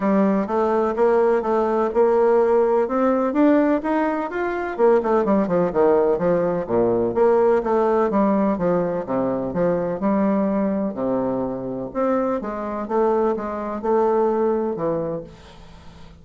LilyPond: \new Staff \with { instrumentName = "bassoon" } { \time 4/4 \tempo 4 = 126 g4 a4 ais4 a4 | ais2 c'4 d'4 | dis'4 f'4 ais8 a8 g8 f8 | dis4 f4 ais,4 ais4 |
a4 g4 f4 c4 | f4 g2 c4~ | c4 c'4 gis4 a4 | gis4 a2 e4 | }